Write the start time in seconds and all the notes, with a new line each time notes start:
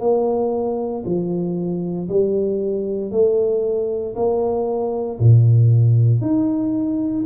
0.00 A#3
1.05 F3
2.08 G3
3.11 A3
4.15 A#3
5.20 A#2
6.21 D#4